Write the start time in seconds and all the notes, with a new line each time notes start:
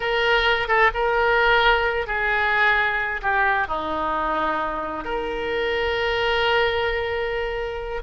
0.00 A#4
0.67 A4
0.93 A#4
2.07 G#4
3.21 G4
3.67 D#4
5.04 A#4